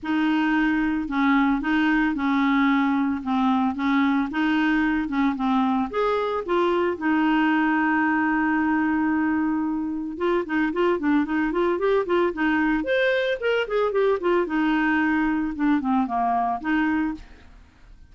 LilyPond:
\new Staff \with { instrumentName = "clarinet" } { \time 4/4 \tempo 4 = 112 dis'2 cis'4 dis'4 | cis'2 c'4 cis'4 | dis'4. cis'8 c'4 gis'4 | f'4 dis'2.~ |
dis'2. f'8 dis'8 | f'8 d'8 dis'8 f'8 g'8 f'8 dis'4 | c''4 ais'8 gis'8 g'8 f'8 dis'4~ | dis'4 d'8 c'8 ais4 dis'4 | }